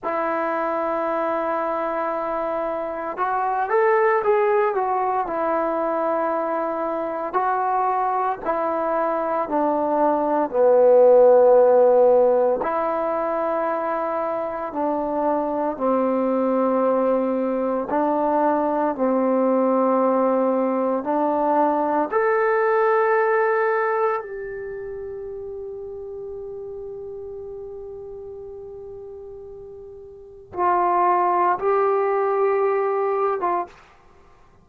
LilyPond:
\new Staff \with { instrumentName = "trombone" } { \time 4/4 \tempo 4 = 57 e'2. fis'8 a'8 | gis'8 fis'8 e'2 fis'4 | e'4 d'4 b2 | e'2 d'4 c'4~ |
c'4 d'4 c'2 | d'4 a'2 g'4~ | g'1~ | g'4 f'4 g'4.~ g'16 f'16 | }